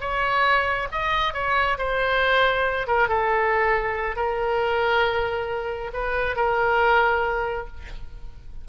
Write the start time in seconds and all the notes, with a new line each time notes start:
0.00 C#5
0.91 D#5
1.33 C#5
1.78 C5
2.87 A#4
3.08 A4
4.16 A#4
5.93 B4
6.36 A#4